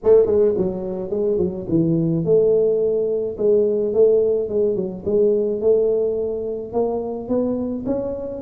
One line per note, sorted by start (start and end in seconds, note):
0.03 0.25 A3
0.25 0.54 G#3
0.57 1.10 F#3
1.10 1.37 G#3
1.37 1.65 F#3
1.68 2.24 E3
2.24 3.36 A3
3.37 3.93 G#3
3.93 4.49 A3
4.49 4.75 G#3
4.75 5.03 F#3
5.05 5.60 G#3
5.60 6.72 A3
6.72 7.28 A#3
7.28 7.84 B3
7.86 8.41 C#4